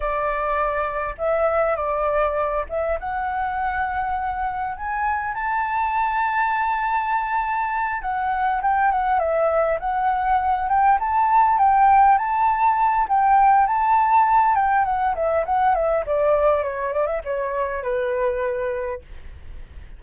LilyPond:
\new Staff \with { instrumentName = "flute" } { \time 4/4 \tempo 4 = 101 d''2 e''4 d''4~ | d''8 e''8 fis''2. | gis''4 a''2.~ | a''4. fis''4 g''8 fis''8 e''8~ |
e''8 fis''4. g''8 a''4 g''8~ | g''8 a''4. g''4 a''4~ | a''8 g''8 fis''8 e''8 fis''8 e''8 d''4 | cis''8 d''16 e''16 cis''4 b'2 | }